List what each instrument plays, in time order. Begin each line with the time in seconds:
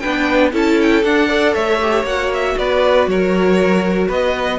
0.00 cello B3, viola D4, violin B4 G5
0.53 cello C#4, viola E4, violin A4 A5
0.82 violin G5
1.04 viola D4, cello D4, violin F#5
1.28 viola A4, violin D5
1.54 cello A3, violin C#5 E5
1.82 viola G4
2.03 cello A#3, viola F#4, violin F#5
2.34 violin E5
2.58 cello B3, violin B4 D5
3.07 cello F#3, violin A#4 C#5
4.08 cello B3, violin B4 D#5